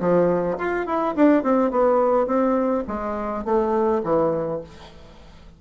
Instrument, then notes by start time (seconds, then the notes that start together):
bassoon
0.00 F3
0.58 F4
0.86 E4
1.16 D4
1.43 C4
1.71 B3
2.27 C4
2.88 G#3
3.45 A3
4.04 E3